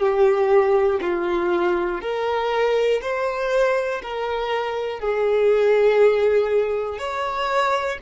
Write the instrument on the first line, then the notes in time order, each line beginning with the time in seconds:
violin
0.00 G4
1.01 F4
2.01 A#4
3.02 C5
4.03 A#4
5.00 G#4
6.99 C#5